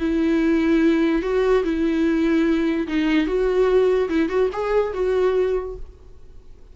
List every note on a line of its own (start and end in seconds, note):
0.00 1.23 E4
1.23 1.64 F#4
1.64 2.87 E4
2.88 3.27 D#4
3.27 4.09 F#4
4.09 4.29 E4
4.29 4.50 F#4
4.53 4.94 G#4
4.94 5.76 F#4